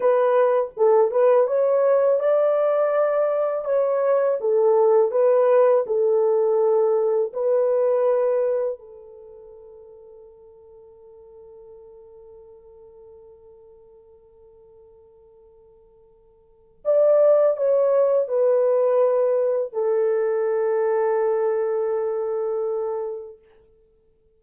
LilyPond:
\new Staff \with { instrumentName = "horn" } { \time 4/4 \tempo 4 = 82 b'4 a'8 b'8 cis''4 d''4~ | d''4 cis''4 a'4 b'4 | a'2 b'2 | a'1~ |
a'1~ | a'2. d''4 | cis''4 b'2 a'4~ | a'1 | }